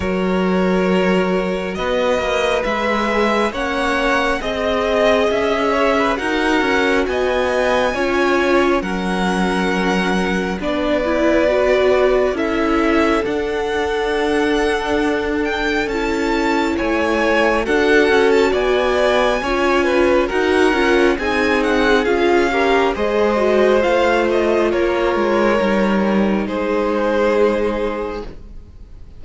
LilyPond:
<<
  \new Staff \with { instrumentName = "violin" } { \time 4/4 \tempo 4 = 68 cis''2 dis''4 e''4 | fis''4 dis''4 e''4 fis''4 | gis''2 fis''2 | d''2 e''4 fis''4~ |
fis''4. g''8 a''4 gis''4 | fis''8. a''16 gis''2 fis''4 | gis''8 fis''8 f''4 dis''4 f''8 dis''8 | cis''2 c''2 | }
  \new Staff \with { instrumentName = "violin" } { \time 4/4 ais'2 b'2 | cis''4 dis''4. cis''16 b'16 ais'4 | dis''4 cis''4 ais'2 | b'2 a'2~ |
a'2. cis''4 | a'4 d''4 cis''8 b'8 ais'4 | gis'4. ais'8 c''2 | ais'2 gis'2 | }
  \new Staff \with { instrumentName = "viola" } { \time 4/4 fis'2. gis'4 | cis'4 gis'2 fis'4~ | fis'4 f'4 cis'2 | d'8 e'8 fis'4 e'4 d'4~ |
d'2 e'2 | fis'2 f'4 fis'8 f'8 | dis'4 f'8 g'8 gis'8 fis'8 f'4~ | f'4 dis'2. | }
  \new Staff \with { instrumentName = "cello" } { \time 4/4 fis2 b8 ais8 gis4 | ais4 c'4 cis'4 dis'8 cis'8 | b4 cis'4 fis2 | b2 cis'4 d'4~ |
d'2 cis'4 a4 | d'8 cis'8 b4 cis'4 dis'8 cis'8 | c'4 cis'4 gis4 a4 | ais8 gis8 g4 gis2 | }
>>